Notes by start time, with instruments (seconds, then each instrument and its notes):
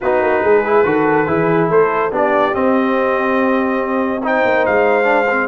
0.00 tuba B3, trombone D#4, horn F#4, trumpet B4
0.21 tuba A#3
0.43 tuba G#3, horn G#4
0.64 trombone E4
0.84 tuba D#3, trombone F#4, horn A4
1.26 tuba E3, trombone E4, horn G#4
1.70 tuba A3, horn A4, trumpet C5
2.10 tuba B3, trombone D4, horn G4, trumpet D5
2.52 trombone C4, tuba C4, trumpet D#5
4.23 trombone D#4, horn C5, trumpet G5
4.45 tuba A#3
4.65 tuba G#3, trumpet F5
5.04 trombone D4
5.30 trombone C4